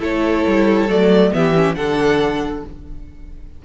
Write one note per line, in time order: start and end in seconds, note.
0.00 0.45 A3
0.00 0.89 E4
0.00 1.31 A4
0.00 0.91 C#5
0.47 0.89 G3
0.89 1.33 F#3
0.89 1.33 A3
0.89 1.33 D5
1.33 1.76 E3
1.33 1.55 B3
1.33 1.78 G4
1.33 1.76 E5
1.56 1.76 C#4
1.76 2.64 D3
1.76 2.63 D4
1.76 2.65 A4
1.76 2.63 F#5